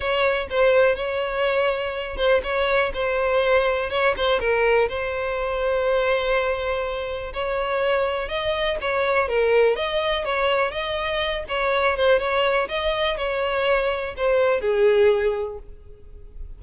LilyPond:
\new Staff \with { instrumentName = "violin" } { \time 4/4 \tempo 4 = 123 cis''4 c''4 cis''2~ | cis''8 c''8 cis''4 c''2 | cis''8 c''8 ais'4 c''2~ | c''2. cis''4~ |
cis''4 dis''4 cis''4 ais'4 | dis''4 cis''4 dis''4. cis''8~ | cis''8 c''8 cis''4 dis''4 cis''4~ | cis''4 c''4 gis'2 | }